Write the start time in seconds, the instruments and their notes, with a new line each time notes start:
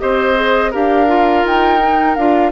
0.00 bassoon C4, clarinet G4, oboe C5, flute D#5
0.36 clarinet G#4
0.72 bassoon D4, clarinet G4, oboe A#4, flute F5
1.08 clarinet F4
1.45 bassoon D#4, flute G5
1.81 clarinet D#4
2.15 bassoon D4, clarinet F4, flute F5